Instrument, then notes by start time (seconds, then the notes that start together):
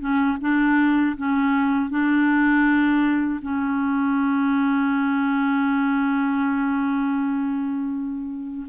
clarinet
0.00 C#4
0.41 D4
1.17 C#4
1.90 D4
3.42 C#4